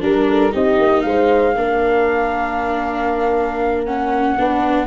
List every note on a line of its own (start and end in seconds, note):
0.00 0.53 G3
0.00 0.51 D4
0.00 0.54 A#4
0.00 0.28 A#4
0.30 0.53 A4
0.51 0.78 C4
0.51 1.54 D#4
0.51 1.04 G4
0.51 1.01 D#5
0.78 1.04 A#3
1.01 1.55 G#3
1.01 1.57 C5
1.01 3.83 F5
1.55 4.37 A#3
1.55 3.86 D4
1.55 4.38 A#4
3.85 4.37 C#4
3.85 4.87 F#5
4.37 4.87 B3
4.37 4.87 D4
4.37 4.87 B4